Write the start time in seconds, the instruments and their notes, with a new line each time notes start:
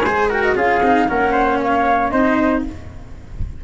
0.00 tuba G#3, trumpet C5, flute G#5
0.06 cello G#4
0.29 cello F#4, trumpet A#4, flute G5
0.42 flute D#5
0.55 tuba C#4, cello F4, trumpet G#4, flute F5
0.82 tuba C4, cello D#4
1.08 tuba A#3, cello C#4, trumpet A#4, flute F#5
1.32 trumpet C5
1.61 trumpet C#5, flute F5
2.10 tuba C4, cello D#4, trumpet C5, flute D#5